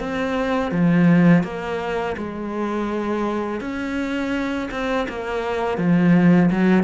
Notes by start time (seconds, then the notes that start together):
0.00 C4
0.72 F3
1.44 A#3
2.17 G#3
3.61 C#4
4.71 C4
5.09 A#3
5.78 F3
6.51 F#3